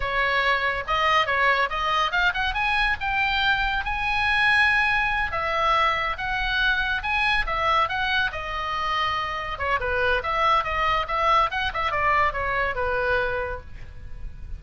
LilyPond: \new Staff \with { instrumentName = "oboe" } { \time 4/4 \tempo 4 = 141 cis''2 dis''4 cis''4 | dis''4 f''8 fis''8 gis''4 g''4~ | g''4 gis''2.~ | gis''8 e''2 fis''4.~ |
fis''8 gis''4 e''4 fis''4 dis''8~ | dis''2~ dis''8 cis''8 b'4 | e''4 dis''4 e''4 fis''8 e''8 | d''4 cis''4 b'2 | }